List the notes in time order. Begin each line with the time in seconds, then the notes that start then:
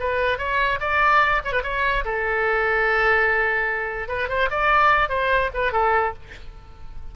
0.00 B4
0.38 C#5
0.80 D5
1.44 C#5
1.52 B4
1.63 C#5
2.05 A4
4.09 B4
4.29 C5
4.50 D5
5.09 C5
5.54 B4
5.73 A4